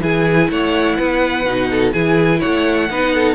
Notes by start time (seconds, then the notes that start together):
0.00 E3 E4 G#4 G#5
0.50 A3 C#5 F#5
0.96 B3 B4
1.45 B2 D#4
1.71 A4
1.92 E3 E4 G#4 G#5
2.39 A3 C#5 F#5
2.90 B3 D#4 B4
3.15 A4